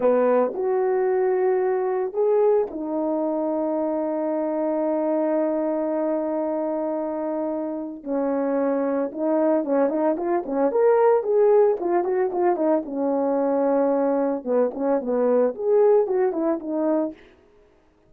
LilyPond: \new Staff \with { instrumentName = "horn" } { \time 4/4 \tempo 4 = 112 b4 fis'2. | gis'4 dis'2.~ | dis'1~ | dis'2. cis'4~ |
cis'4 dis'4 cis'8 dis'8 f'8 cis'8 | ais'4 gis'4 f'8 fis'8 f'8 dis'8 | cis'2. b8 cis'8 | b4 gis'4 fis'8 e'8 dis'4 | }